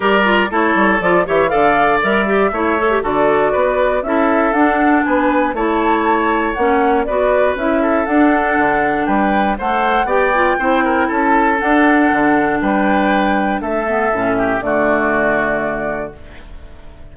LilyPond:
<<
  \new Staff \with { instrumentName = "flute" } { \time 4/4 \tempo 4 = 119 d''4 cis''4 d''8 e''8 f''4 | e''2 d''2 | e''4 fis''4 gis''4 a''4~ | a''4 fis''4 d''4 e''4 |
fis''2 g''4 fis''4 | g''2 a''4 fis''4~ | fis''4 g''2 e''4~ | e''4 d''2. | }
  \new Staff \with { instrumentName = "oboe" } { \time 4/4 ais'4 a'4. cis''8 d''4~ | d''4 cis''4 a'4 b'4 | a'2 b'4 cis''4~ | cis''2 b'4. a'8~ |
a'2 b'4 c''4 | d''4 c''8 ais'8 a'2~ | a'4 b'2 a'4~ | a'8 g'8 fis'2. | }
  \new Staff \with { instrumentName = "clarinet" } { \time 4/4 g'8 f'8 e'4 f'8 g'8 a'4 | ais'8 g'8 e'8 a'16 g'16 fis'2 | e'4 d'2 e'4~ | e'4 cis'4 fis'4 e'4 |
d'2. a'4 | g'8 f'8 e'2 d'4~ | d'2.~ d'8 b8 | cis'4 a2. | }
  \new Staff \with { instrumentName = "bassoon" } { \time 4/4 g4 a8 g8 f8 e8 d4 | g4 a4 d4 b4 | cis'4 d'4 b4 a4~ | a4 ais4 b4 cis'4 |
d'4 d4 g4 a4 | b4 c'4 cis'4 d'4 | d4 g2 a4 | a,4 d2. | }
>>